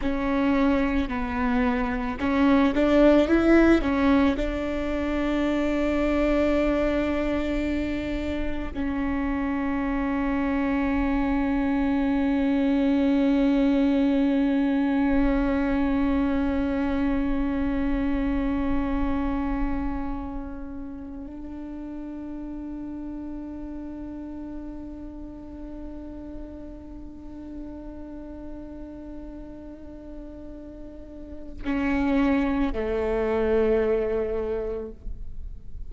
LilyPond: \new Staff \with { instrumentName = "viola" } { \time 4/4 \tempo 4 = 55 cis'4 b4 cis'8 d'8 e'8 cis'8 | d'1 | cis'1~ | cis'1~ |
cis'2.~ cis'8 d'8~ | d'1~ | d'1~ | d'4 cis'4 a2 | }